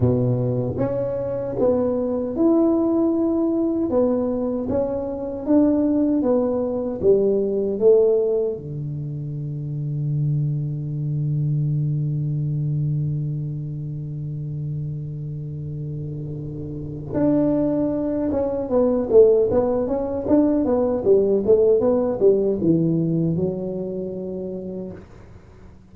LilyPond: \new Staff \with { instrumentName = "tuba" } { \time 4/4 \tempo 4 = 77 b,4 cis'4 b4 e'4~ | e'4 b4 cis'4 d'4 | b4 g4 a4 d4~ | d1~ |
d1~ | d2 d'4. cis'8 | b8 a8 b8 cis'8 d'8 b8 g8 a8 | b8 g8 e4 fis2 | }